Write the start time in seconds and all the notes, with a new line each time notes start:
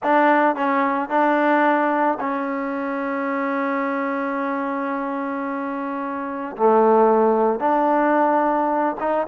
0.03 D4
0.55 C#4
1.09 D4
2.20 C#4
6.56 A3
7.59 D4
9.00 D#4